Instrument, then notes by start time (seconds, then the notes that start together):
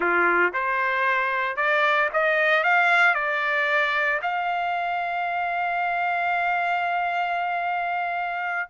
trumpet
0.00 F4
0.53 C5
1.56 D5
2.13 D#5
2.63 F5
3.14 D5
4.22 F5